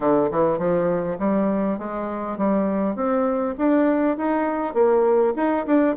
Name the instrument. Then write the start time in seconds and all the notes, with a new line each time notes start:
bassoon
0.00 D3
0.31 E3
0.58 F3
1.19 G3
1.78 G#3
2.37 G3
2.95 C4
3.58 D4
4.17 D#4
4.74 A#3
5.36 D#4
5.66 D4